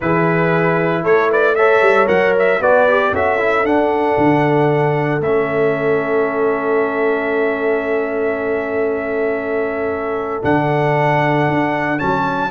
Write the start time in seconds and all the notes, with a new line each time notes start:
0.01 E3 E4 G#4 B4
1.03 A3 A4 C#5
1.29 B4 D5
1.55 A4 C#5 E5
1.81 G3
2.07 F#3 A#4 F#5
2.38 E5
2.60 B3 F#4 B4 D5
2.88 G4
3.13 C#4 F#4 A4 E5
3.38 E4
3.64 D4 F#5
4.17 D3
5.20 A3 C#4 E5
10.42 D3 D4 F#5
11.47 D4
11.98 F#3 C#4 A5